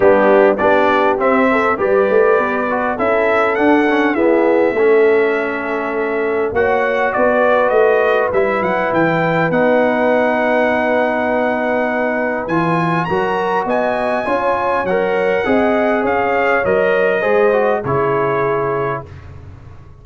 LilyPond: <<
  \new Staff \with { instrumentName = "trumpet" } { \time 4/4 \tempo 4 = 101 g'4 d''4 e''4 d''4~ | d''4 e''4 fis''4 e''4~ | e''2. fis''4 | d''4 dis''4 e''8 fis''8 g''4 |
fis''1~ | fis''4 gis''4 ais''4 gis''4~ | gis''4 fis''2 f''4 | dis''2 cis''2 | }
  \new Staff \with { instrumentName = "horn" } { \time 4/4 d'4 g'4. a'8 b'4~ | b'4 a'2 gis'4 | a'2. cis''4 | b'1~ |
b'1~ | b'2 ais'4 dis''4 | cis''2 dis''4 cis''4~ | cis''4 c''4 gis'2 | }
  \new Staff \with { instrumentName = "trombone" } { \time 4/4 b4 d'4 c'4 g'4~ | g'8 fis'8 e'4 d'8 cis'8 b4 | cis'2. fis'4~ | fis'2 e'2 |
dis'1~ | dis'4 f'4 fis'2 | f'4 ais'4 gis'2 | ais'4 gis'8 fis'8 e'2 | }
  \new Staff \with { instrumentName = "tuba" } { \time 4/4 g4 b4 c'4 g8 a8 | b4 cis'4 d'4 e'4 | a2. ais4 | b4 a4 g8 fis8 e4 |
b1~ | b4 e4 fis4 b4 | cis'4 fis4 c'4 cis'4 | fis4 gis4 cis2 | }
>>